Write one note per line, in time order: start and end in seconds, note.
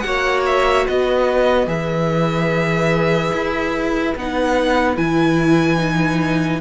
0.00 0.87 A#3
0.00 1.67 F#4
0.00 0.41 F#5
0.07 0.87 C#5
0.46 0.87 E5
0.87 1.67 B3
0.87 6.61 B4
0.87 1.69 D#5
1.67 3.32 E3
1.67 4.13 G#4
1.67 4.15 E5
3.33 4.15 E4
4.16 4.97 B3
4.16 4.96 D#4
4.16 4.97 F#5
4.96 6.61 E3
4.96 5.78 E4
4.96 6.61 G#5
5.78 6.60 D#4